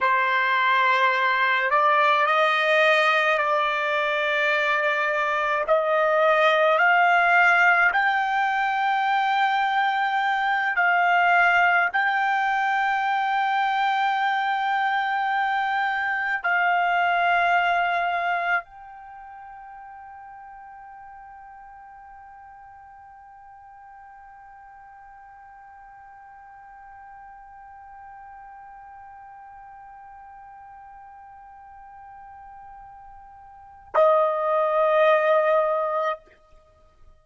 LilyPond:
\new Staff \with { instrumentName = "trumpet" } { \time 4/4 \tempo 4 = 53 c''4. d''8 dis''4 d''4~ | d''4 dis''4 f''4 g''4~ | g''4. f''4 g''4.~ | g''2~ g''8 f''4.~ |
f''8 g''2.~ g''8~ | g''1~ | g''1~ | g''2 dis''2 | }